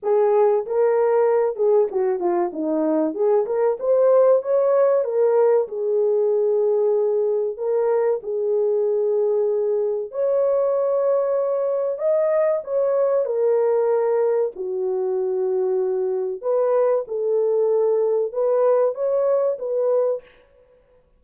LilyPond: \new Staff \with { instrumentName = "horn" } { \time 4/4 \tempo 4 = 95 gis'4 ais'4. gis'8 fis'8 f'8 | dis'4 gis'8 ais'8 c''4 cis''4 | ais'4 gis'2. | ais'4 gis'2. |
cis''2. dis''4 | cis''4 ais'2 fis'4~ | fis'2 b'4 a'4~ | a'4 b'4 cis''4 b'4 | }